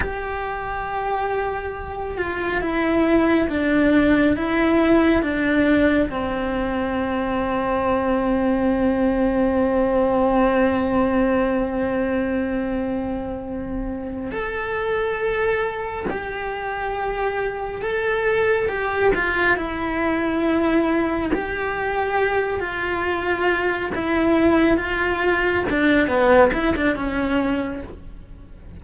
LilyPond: \new Staff \with { instrumentName = "cello" } { \time 4/4 \tempo 4 = 69 g'2~ g'8 f'8 e'4 | d'4 e'4 d'4 c'4~ | c'1~ | c'1~ |
c'8 a'2 g'4.~ | g'8 a'4 g'8 f'8 e'4.~ | e'8 g'4. f'4. e'8~ | e'8 f'4 d'8 b8 e'16 d'16 cis'4 | }